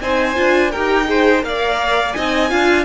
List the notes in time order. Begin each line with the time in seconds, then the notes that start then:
0.00 C4 D#4 C5 G#5
0.35 D4 F4
0.71 D#4 G4 A#4 G5
1.05 G#4 C5
1.40 A#3 A#4 F5
1.48 D5
2.13 C4 D#4 D#5 G#5
2.50 D4 F4 F5